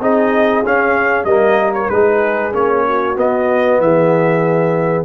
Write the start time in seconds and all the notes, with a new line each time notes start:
0.00 C4 D#4 G#4 D#5
0.65 C#4 F5
1.24 G3 A#3 A#4 D#5
1.74 C#5
1.89 G#3 D#4 G#4 B4
2.53 A#3 C#4 C#5
2.87 F#4
3.17 B3 D#5
3.79 E3 G#4 E5